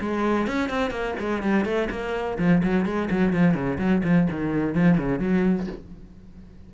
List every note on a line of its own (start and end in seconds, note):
0.00 0.46 G#3
0.46 0.69 C#4
0.69 0.90 C4
0.90 1.14 A#3
1.19 1.42 G#3
1.42 1.65 G3
1.65 1.88 A3
1.90 2.37 A#3
2.38 2.62 F3
2.63 2.85 F#3
2.85 3.09 G#3
3.10 3.32 F#3
3.32 3.54 F3
3.54 3.77 C#3
3.78 4.02 F#3
4.03 4.27 F3
4.30 4.74 D#3
4.74 4.97 F3
4.97 5.19 C#3
5.19 5.66 F#3